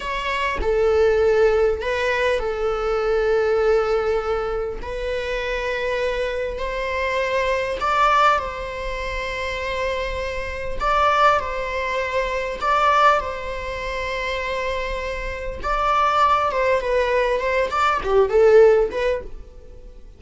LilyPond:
\new Staff \with { instrumentName = "viola" } { \time 4/4 \tempo 4 = 100 cis''4 a'2 b'4 | a'1 | b'2. c''4~ | c''4 d''4 c''2~ |
c''2 d''4 c''4~ | c''4 d''4 c''2~ | c''2 d''4. c''8 | b'4 c''8 d''8 g'8 a'4 b'8 | }